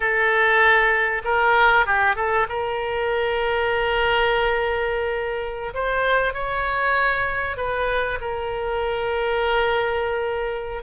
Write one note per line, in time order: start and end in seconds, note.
0.00 1.22 A4
1.24 1.86 A#4
1.86 2.15 G4
2.15 2.46 A4
2.49 5.73 A#4
5.74 6.33 C5
6.33 7.56 C#5
7.56 8.18 B4
8.20 10.82 A#4